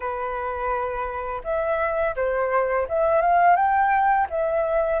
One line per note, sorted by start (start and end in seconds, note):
0.00 1.41 B4
1.44 2.15 E5
2.16 2.87 C5
2.88 3.21 E5
3.21 3.56 F5
3.56 4.27 G5
4.30 5.00 E5